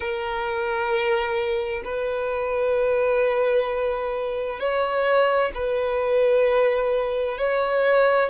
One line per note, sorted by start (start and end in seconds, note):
0.00 1.83 A#4
1.84 4.59 B4
4.59 5.51 C#5
5.54 7.38 B4
7.38 8.29 C#5